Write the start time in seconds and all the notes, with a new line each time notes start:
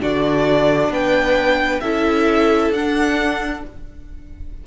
0.00 D3 D4 F#4 D5
0.90 B3 B4 G5
1.80 C#4 E4 A4 E5
2.70 D4 F#5